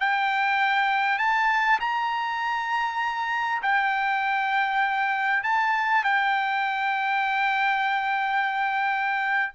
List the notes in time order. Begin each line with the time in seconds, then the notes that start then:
0.00 G5
1.18 A5
1.80 A#5
3.62 G5
5.43 A5
6.04 G5